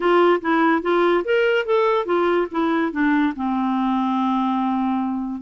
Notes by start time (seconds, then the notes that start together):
0.00 F4
0.41 E4
0.82 F4
1.24 A#4
1.65 A4
2.05 F4
2.51 E4
2.91 D4
3.35 C4